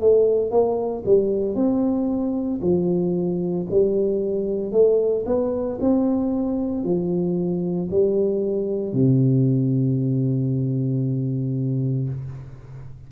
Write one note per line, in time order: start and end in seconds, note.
0.00 0.50 A3
0.50 1.03 A#3
1.05 1.55 G3
1.55 2.60 C4
2.61 3.67 F3
3.70 4.72 G3
4.72 5.24 A3
5.25 5.78 B3
5.80 6.84 C4
6.84 7.89 F3
7.90 8.93 G3
8.93 12.09 C3